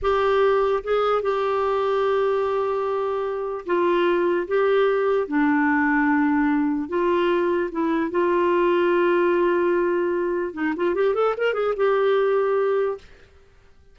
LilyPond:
\new Staff \with { instrumentName = "clarinet" } { \time 4/4 \tempo 4 = 148 g'2 gis'4 g'4~ | g'1~ | g'4 f'2 g'4~ | g'4 d'2.~ |
d'4 f'2 e'4 | f'1~ | f'2 dis'8 f'8 g'8 a'8 | ais'8 gis'8 g'2. | }